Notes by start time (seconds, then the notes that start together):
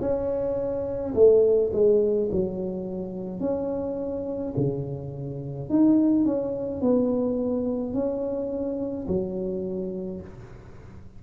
0.00 C#4
1.14 A3
1.73 G#3
2.32 F#3
3.40 C#4
4.57 C#3
5.70 D#4
6.25 C#4
6.81 B3
7.93 C#4
9.08 F#3